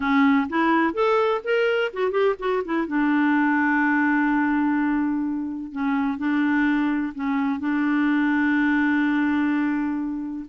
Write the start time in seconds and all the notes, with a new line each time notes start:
0.00 C#4
0.49 E4
0.93 A4
1.44 A#4
1.93 F#4
2.11 G4
2.39 F#4
2.64 E4
2.87 D4
5.72 C#4
6.18 D4
7.15 C#4
7.59 D4